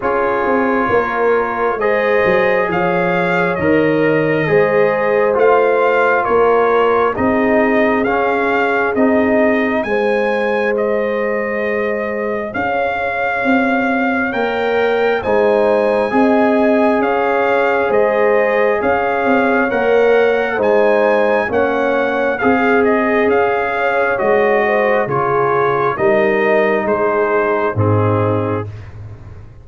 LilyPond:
<<
  \new Staff \with { instrumentName = "trumpet" } { \time 4/4 \tempo 4 = 67 cis''2 dis''4 f''4 | dis''2 f''4 cis''4 | dis''4 f''4 dis''4 gis''4 | dis''2 f''2 |
g''4 gis''2 f''4 | dis''4 f''4 fis''4 gis''4 | fis''4 f''8 dis''8 f''4 dis''4 | cis''4 dis''4 c''4 gis'4 | }
  \new Staff \with { instrumentName = "horn" } { \time 4/4 gis'4 ais'4 c''4 cis''4~ | cis''4 c''2 ais'4 | gis'2. c''4~ | c''2 cis''2~ |
cis''4 c''4 dis''4 cis''4 | c''4 cis''2 c''4 | cis''4 gis'4. cis''4 c''8 | gis'4 ais'4 gis'4 dis'4 | }
  \new Staff \with { instrumentName = "trombone" } { \time 4/4 f'2 gis'2 | ais'4 gis'4 f'2 | dis'4 cis'4 dis'4 gis'4~ | gis'1 |
ais'4 dis'4 gis'2~ | gis'2 ais'4 dis'4 | cis'4 gis'2 fis'4 | f'4 dis'2 c'4 | }
  \new Staff \with { instrumentName = "tuba" } { \time 4/4 cis'8 c'8 ais4 gis8 fis8 f4 | dis4 gis4 a4 ais4 | c'4 cis'4 c'4 gis4~ | gis2 cis'4 c'4 |
ais4 gis4 c'4 cis'4 | gis4 cis'8 c'8 ais4 gis4 | ais4 c'4 cis'4 gis4 | cis4 g4 gis4 gis,4 | }
>>